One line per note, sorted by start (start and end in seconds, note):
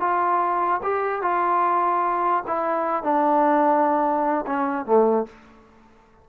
0.00 0.81 F4
0.83 1.22 G4
1.22 2.44 F4
2.47 3.03 E4
3.03 4.45 D4
4.46 4.86 C#4
4.86 5.26 A3